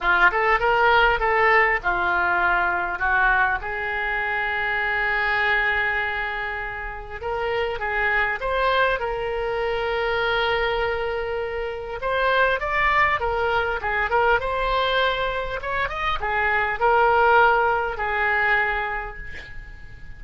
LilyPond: \new Staff \with { instrumentName = "oboe" } { \time 4/4 \tempo 4 = 100 f'8 a'8 ais'4 a'4 f'4~ | f'4 fis'4 gis'2~ | gis'1 | ais'4 gis'4 c''4 ais'4~ |
ais'1 | c''4 d''4 ais'4 gis'8 ais'8 | c''2 cis''8 dis''8 gis'4 | ais'2 gis'2 | }